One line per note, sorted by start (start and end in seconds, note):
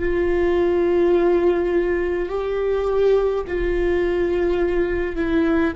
0.00 2.30 F4
2.30 3.45 G4
3.48 5.16 F4
5.16 5.74 E4